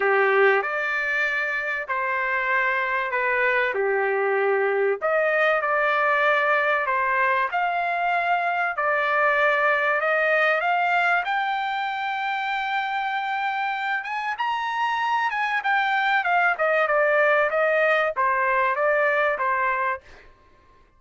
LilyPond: \new Staff \with { instrumentName = "trumpet" } { \time 4/4 \tempo 4 = 96 g'4 d''2 c''4~ | c''4 b'4 g'2 | dis''4 d''2 c''4 | f''2 d''2 |
dis''4 f''4 g''2~ | g''2~ g''8 gis''8 ais''4~ | ais''8 gis''8 g''4 f''8 dis''8 d''4 | dis''4 c''4 d''4 c''4 | }